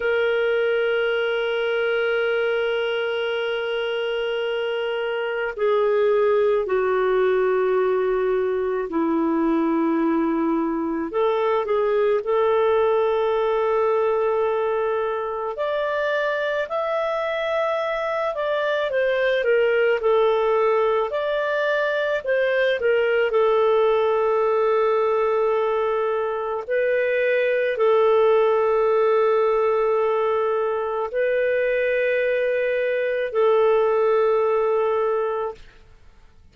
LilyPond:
\new Staff \with { instrumentName = "clarinet" } { \time 4/4 \tempo 4 = 54 ais'1~ | ais'4 gis'4 fis'2 | e'2 a'8 gis'8 a'4~ | a'2 d''4 e''4~ |
e''8 d''8 c''8 ais'8 a'4 d''4 | c''8 ais'8 a'2. | b'4 a'2. | b'2 a'2 | }